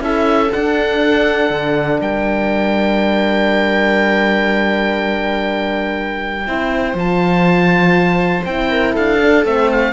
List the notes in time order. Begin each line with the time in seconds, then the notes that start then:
0.00 C#4 E4 A4 E5
0.52 D4 F#5
1.50 D3
2.00 G3 A#4 G5
6.47 C4 E4 C5
6.94 F3 F4 A5
8.45 C4 E4 G5
8.70 A#4
8.93 D4 A4 F5
9.22 D4
9.45 A3 C4 E5
9.72 F5